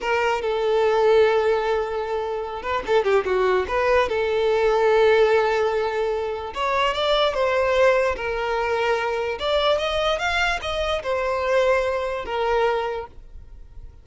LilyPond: \new Staff \with { instrumentName = "violin" } { \time 4/4 \tempo 4 = 147 ais'4 a'2.~ | a'2~ a'8 b'8 a'8 g'8 | fis'4 b'4 a'2~ | a'1 |
cis''4 d''4 c''2 | ais'2. d''4 | dis''4 f''4 dis''4 c''4~ | c''2 ais'2 | }